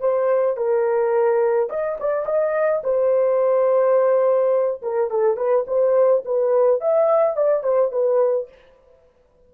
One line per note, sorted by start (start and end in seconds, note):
0.00 0.57 C5
0.57 1.69 A#4
1.69 1.98 D#5
2.00 2.25 D5
2.25 2.82 D#5
2.83 4.81 C5
4.82 5.10 A#4
5.10 5.37 A4
5.37 5.65 B4
5.67 6.24 C5
6.25 6.81 B4
6.81 7.36 E5
7.36 7.63 D5
7.63 7.91 C5
7.91 8.48 B4